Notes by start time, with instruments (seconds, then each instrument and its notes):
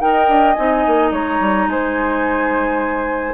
0.00 bassoon D#4, clarinet A#4, flute D#5 G5
0.28 bassoon D4
0.54 bassoon C4, clarinet D#4, flute G#5
0.86 bassoon A#3
1.12 bassoon G#3, flute C#5 A#5
1.40 bassoon G3
1.67 bassoon G#3, flute C5 G#5